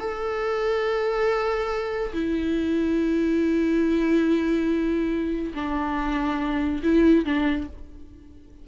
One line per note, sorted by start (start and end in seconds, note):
0.00 2.13 A4
2.13 5.54 E4
5.55 6.82 D4
6.83 7.25 E4
7.25 7.68 D4